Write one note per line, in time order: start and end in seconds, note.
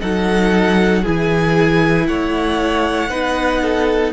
0.00 1.06 F#3
0.00 1.03 D#4
0.00 1.02 A4
0.00 1.05 F#5
1.02 2.08 E3
1.02 3.10 E4
1.02 2.05 G#4
1.02 2.06 G#5
2.06 3.09 A3
2.06 3.10 C#5
2.06 4.13 F#5
3.09 4.13 B3
3.09 4.13 D#4
3.09 3.61 B4
3.62 4.13 A4